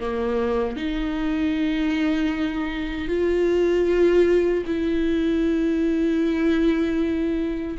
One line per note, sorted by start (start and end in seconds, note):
0.00 0.76 A#3
0.76 3.08 D#4
3.08 4.64 F4
4.66 7.77 E4